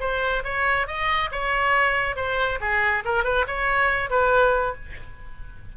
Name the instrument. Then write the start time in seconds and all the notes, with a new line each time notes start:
oboe
0.00 C5
0.44 C#5
0.87 D#5
1.32 C#5
2.16 C5
2.61 G#4
3.05 A#4
3.24 B4
3.47 C#5
4.10 B4